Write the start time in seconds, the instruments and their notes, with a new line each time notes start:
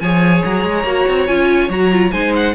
0.00 cello F3, viola G#4, violin C#5 G#5
0.45 cello F#3, violin A#5
0.63 cello G#3
0.84 cello A#3, viola F#4
1.08 cello C4
1.27 cello C#4, viola F4, violin G#5
1.69 cello F#3, viola F#4, violin A#5
1.91 viola F4
2.12 cello G#3, viola D#4, violin C5 G#5
2.35 violin F#5